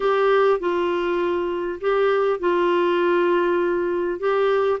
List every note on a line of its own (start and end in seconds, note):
0.00 0.59 G4
0.59 1.79 F4
1.80 2.39 G4
2.39 4.19 F4
4.19 4.79 G4